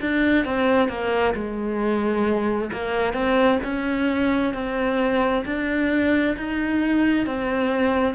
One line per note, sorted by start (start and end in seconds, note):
0.00 0.45 D4
0.45 0.88 C4
0.88 1.34 A#3
1.34 2.70 G#3
2.72 3.13 A#3
3.13 3.59 C4
3.64 4.54 C#4
4.54 5.45 C4
5.45 6.36 D4
6.37 7.26 D#4
7.26 8.14 C4